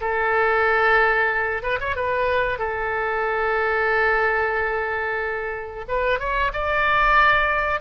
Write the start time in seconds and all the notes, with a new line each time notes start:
0.00 A4
1.62 B4
1.80 C#5
1.96 B4
2.58 A4
5.88 B4
6.19 C#5
6.53 D5